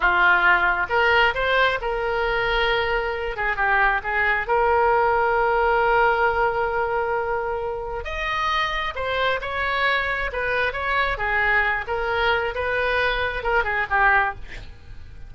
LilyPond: \new Staff \with { instrumentName = "oboe" } { \time 4/4 \tempo 4 = 134 f'2 ais'4 c''4 | ais'2.~ ais'8 gis'8 | g'4 gis'4 ais'2~ | ais'1~ |
ais'2 dis''2 | c''4 cis''2 b'4 | cis''4 gis'4. ais'4. | b'2 ais'8 gis'8 g'4 | }